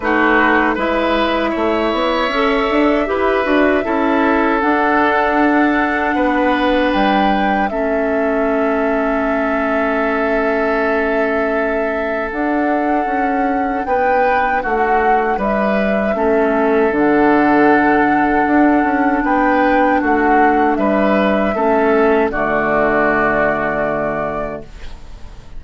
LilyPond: <<
  \new Staff \with { instrumentName = "flute" } { \time 4/4 \tempo 4 = 78 b'4 e''2.~ | e''2 fis''2~ | fis''4 g''4 e''2~ | e''1 |
fis''2 g''4 fis''4 | e''2 fis''2~ | fis''4 g''4 fis''4 e''4~ | e''4 d''2. | }
  \new Staff \with { instrumentName = "oboe" } { \time 4/4 fis'4 b'4 cis''2 | b'4 a'2. | b'2 a'2~ | a'1~ |
a'2 b'4 fis'4 | b'4 a'2.~ | a'4 b'4 fis'4 b'4 | a'4 fis'2. | }
  \new Staff \with { instrumentName = "clarinet" } { \time 4/4 dis'4 e'2 a'4 | g'8 fis'8 e'4 d'2~ | d'2 cis'2~ | cis'1 |
d'1~ | d'4 cis'4 d'2~ | d'1 | cis'4 a2. | }
  \new Staff \with { instrumentName = "bassoon" } { \time 4/4 a4 gis4 a8 b8 cis'8 d'8 | e'8 d'8 cis'4 d'2 | b4 g4 a2~ | a1 |
d'4 cis'4 b4 a4 | g4 a4 d2 | d'8 cis'8 b4 a4 g4 | a4 d2. | }
>>